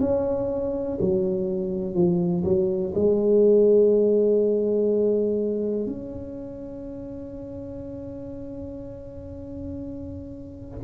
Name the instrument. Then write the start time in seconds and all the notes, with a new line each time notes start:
tuba
0.00 C#4
1.01 F#3
1.94 F3
2.45 F#3
2.95 G#3
5.87 C#4